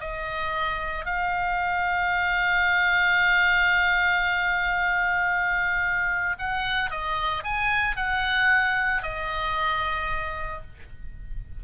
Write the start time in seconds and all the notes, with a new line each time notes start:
0.00 D#5
1.05 F5
6.39 F#5
6.91 D#5
7.44 G#5
7.96 F#5
9.03 D#5